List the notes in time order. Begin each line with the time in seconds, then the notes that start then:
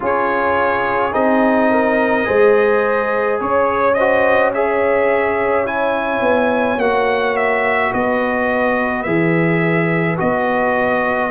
0.00 C#4 F4 G#4 C#5
1.12 C4 D#4 D#5
1.70 A#4
2.24 G#3 G#4 C5
3.40 C#4 C#5
3.94 F#4 C5 D#5
4.53 G#4 C#5 E5
5.65 E4 G#5
6.20 B3
6.77 A#3 F#4 F#5
7.36 E5
7.92 B3 B4 D#5
9.02 E3 G#4 E5
10.17 B3 F#4 D#5